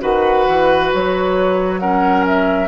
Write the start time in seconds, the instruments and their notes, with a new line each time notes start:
0.00 bassoon D#3, clarinet F#4, oboe B4, flute F#5
0.47 bassoon E3
0.92 bassoon F#3, flute C#5
1.79 clarinet C#4, oboe A#4, flute F#5
2.26 flute E5